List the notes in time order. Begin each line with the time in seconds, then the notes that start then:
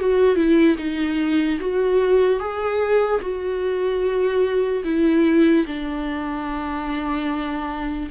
0.00 F#4
0.35 E4
0.78 D#4
1.60 F#4
2.39 G#4
3.21 F#4
4.84 E4
5.66 D4